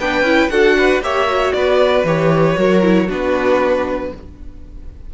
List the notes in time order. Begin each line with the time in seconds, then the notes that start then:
0.00 B3 D4 B4 G5
0.22 C#4 E4
0.50 D4 F#4 A4 F#5
0.78 B4
1.01 A#3 G4 C#5 E5
1.27 F#4
1.53 B3 B4 D5
2.04 E3 G4 C#5
2.56 F#3 F#4 A#4
2.82 E4
3.07 B3 D4 F#4 B4